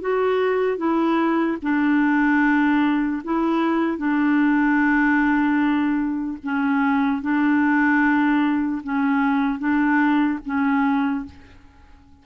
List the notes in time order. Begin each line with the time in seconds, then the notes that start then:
0.00 F#4
0.77 E4
1.62 D4
3.24 E4
3.97 D4
6.43 C#4
7.21 D4
8.83 C#4
9.59 D4
10.45 C#4